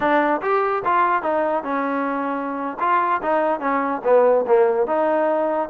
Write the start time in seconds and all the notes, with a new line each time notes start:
0.00 D4
0.41 G4
0.84 F4
1.22 D#4
1.63 C#4
2.79 F4
3.22 D#4
3.60 C#4
4.03 B3
4.47 A#3
4.86 D#4